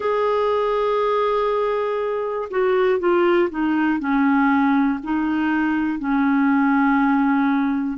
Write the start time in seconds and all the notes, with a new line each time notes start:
0.00 G#4
2.50 F#4
2.99 F4
3.50 D#4
3.99 C#4
5.03 D#4
5.98 C#4